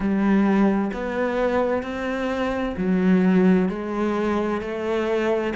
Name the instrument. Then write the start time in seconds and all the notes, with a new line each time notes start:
cello
0.00 G3
0.93 B3
1.83 C4
2.77 F#3
3.68 G#3
4.61 A3